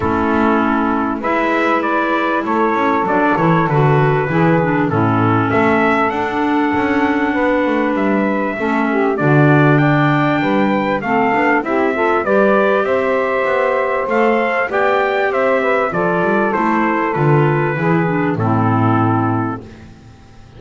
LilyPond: <<
  \new Staff \with { instrumentName = "trumpet" } { \time 4/4 \tempo 4 = 98 a'2 e''4 d''4 | cis''4 d''8 cis''8 b'2 | a'4 e''4 fis''2~ | fis''4 e''2 d''4 |
g''2 f''4 e''4 | d''4 e''2 f''4 | g''4 e''4 d''4 c''4 | b'2 a'2 | }
  \new Staff \with { instrumentName = "saxophone" } { \time 4/4 e'2 b'2 | a'2. gis'4 | e'4 a'2. | b'2 a'8 g'8 fis'4 |
d''4 b'4 a'4 g'8 a'8 | b'4 c''2. | d''4 c''8 b'8 a'2~ | a'4 gis'4 e'2 | }
  \new Staff \with { instrumentName = "clarinet" } { \time 4/4 cis'2 e'2~ | e'4 d'8 e'8 fis'4 e'8 d'8 | cis'2 d'2~ | d'2 cis'4 d'4~ |
d'2 c'8 d'8 e'8 f'8 | g'2. a'4 | g'2 f'4 e'4 | f'4 e'8 d'8 c'2 | }
  \new Staff \with { instrumentName = "double bass" } { \time 4/4 a2 gis2 | a8 cis'8 fis8 e8 d4 e4 | a,4 a4 d'4 cis'4 | b8 a8 g4 a4 d4~ |
d4 g4 a8 b8 c'4 | g4 c'4 b4 a4 | b4 c'4 f8 g8 a4 | d4 e4 a,2 | }
>>